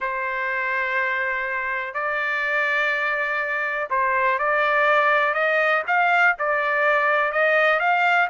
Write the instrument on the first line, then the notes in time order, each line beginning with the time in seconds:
trumpet
0.00 C5
1.94 D5
3.89 C5
4.38 D5
5.33 D#5
5.87 F5
6.38 D5
7.32 D#5
7.79 F5